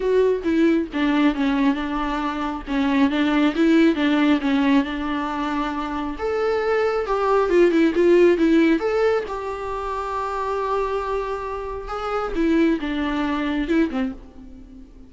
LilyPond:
\new Staff \with { instrumentName = "viola" } { \time 4/4 \tempo 4 = 136 fis'4 e'4 d'4 cis'4 | d'2 cis'4 d'4 | e'4 d'4 cis'4 d'4~ | d'2 a'2 |
g'4 f'8 e'8 f'4 e'4 | a'4 g'2.~ | g'2. gis'4 | e'4 d'2 e'8 c'8 | }